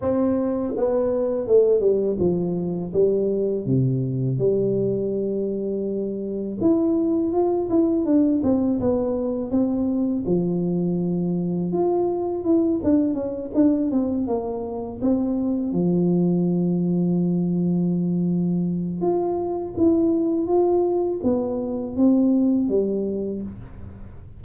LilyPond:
\new Staff \with { instrumentName = "tuba" } { \time 4/4 \tempo 4 = 82 c'4 b4 a8 g8 f4 | g4 c4 g2~ | g4 e'4 f'8 e'8 d'8 c'8 | b4 c'4 f2 |
f'4 e'8 d'8 cis'8 d'8 c'8 ais8~ | ais8 c'4 f2~ f8~ | f2 f'4 e'4 | f'4 b4 c'4 g4 | }